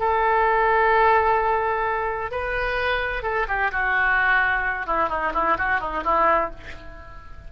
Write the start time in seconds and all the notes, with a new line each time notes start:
0.00 A4
2.31 B4
3.23 A4
3.48 G4
3.72 F#4
4.87 E4
5.10 D#4
5.34 E4
5.58 F#4
5.81 D#4
6.04 E4